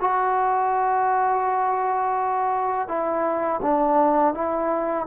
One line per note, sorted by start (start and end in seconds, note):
0.00 2.88 F#4
2.88 3.60 E4
3.62 4.34 D4
4.34 5.07 E4